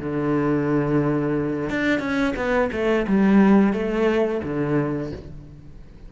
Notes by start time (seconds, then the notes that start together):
0.00 D3
1.70 D4
2.00 C#4
2.36 B3
2.72 A3
3.08 G3
3.73 A3
4.44 D3